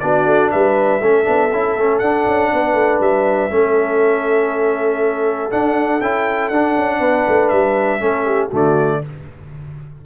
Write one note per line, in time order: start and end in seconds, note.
0.00 0.26 B3
0.00 1.01 D4
0.00 0.52 F#4
0.00 0.50 D5
0.26 0.51 A3
0.51 1.01 G3
0.51 1.02 B4
0.51 1.99 E5
1.01 1.26 A3
1.01 1.24 C#4
1.01 2.52 A4
1.24 1.52 B3
1.24 1.49 D4
1.52 1.76 C#4
1.52 1.78 E4
1.76 2.01 A3
1.76 2.03 C#4
1.99 2.26 D4
1.99 3.50 D4
1.99 2.99 F#5
2.27 2.52 C#4
2.53 2.74 B3
2.53 3.54 B4
2.74 2.99 A3
3.00 3.50 G3
3.00 5.51 E5
3.50 5.50 A3
3.50 5.50 C#4
3.50 6.99 A4
5.51 6.01 D4
5.51 6.01 F#5
6.01 6.50 C#4
6.01 6.53 E4
6.01 6.49 G5
6.49 6.75 D4
6.49 8.00 D4
6.49 7.49 F#5
6.76 6.99 C#4
6.99 7.24 B3
6.99 7.99 B4
7.28 7.52 A3
7.49 8.01 G3
7.49 8.49 E5
8.00 8.51 A3
8.00 8.50 C#4
8.00 8.25 A4
8.25 8.48 G4
8.48 9.03 D3
8.48 9.02 A3
8.48 8.98 F#4
8.55 9.05 D5